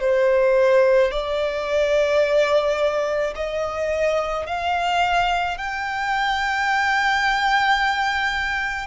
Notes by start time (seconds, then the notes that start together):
0.00 C5
1.11 D5
3.35 D#5
4.46 F5
5.58 G5